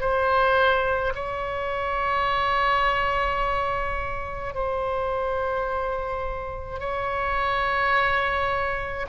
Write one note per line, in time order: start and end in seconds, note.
0.00 1.13 C5
1.15 4.54 C#5
4.54 6.80 C5
6.80 9.06 C#5